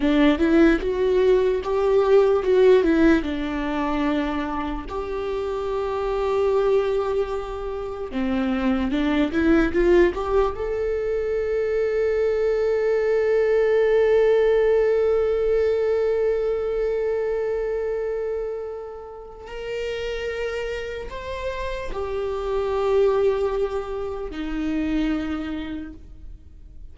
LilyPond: \new Staff \with { instrumentName = "viola" } { \time 4/4 \tempo 4 = 74 d'8 e'8 fis'4 g'4 fis'8 e'8 | d'2 g'2~ | g'2 c'4 d'8 e'8 | f'8 g'8 a'2.~ |
a'1~ | a'1 | ais'2 c''4 g'4~ | g'2 dis'2 | }